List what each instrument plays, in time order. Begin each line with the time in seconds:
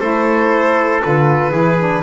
0.00 double bass A3, saxophone E4, trumpet A4, violin C5
1.03 double bass D3, saxophone F4, violin B4
1.51 double bass E3, saxophone E4, trumpet G#4
1.80 saxophone D4